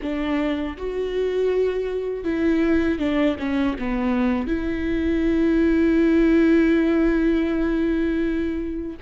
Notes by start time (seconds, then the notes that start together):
0.01 D4
0.77 F#4
2.24 E4
2.99 D4
3.39 C#4
3.78 B3
4.47 E4